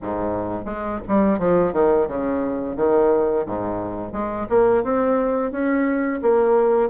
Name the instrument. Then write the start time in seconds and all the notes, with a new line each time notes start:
bassoon
0.02 G#2
0.65 G#3
1.08 G3
1.38 F3
1.72 D#3
2.07 C#3
2.76 D#3
3.45 G#2
4.12 G#3
4.49 A#3
4.83 C4
5.51 C#4
6.21 A#3